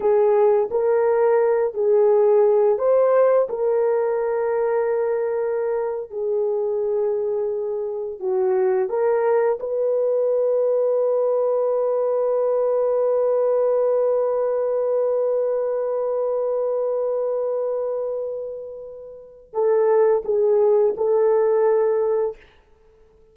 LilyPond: \new Staff \with { instrumentName = "horn" } { \time 4/4 \tempo 4 = 86 gis'4 ais'4. gis'4. | c''4 ais'2.~ | ais'8. gis'2. fis'16~ | fis'8. ais'4 b'2~ b'16~ |
b'1~ | b'1~ | b'1 | a'4 gis'4 a'2 | }